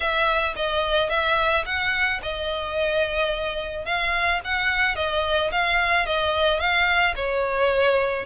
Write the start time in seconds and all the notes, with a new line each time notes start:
0.00 E5
0.56 D#5
1.09 E5
1.65 F#5
2.22 D#5
3.85 F5
4.44 F#5
4.95 D#5
5.51 F5
6.06 D#5
6.59 F5
7.15 C#5